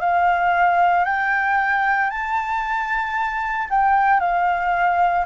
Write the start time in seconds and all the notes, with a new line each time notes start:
0.00 F5
1.05 G5
2.10 A5
3.70 G5
4.20 F5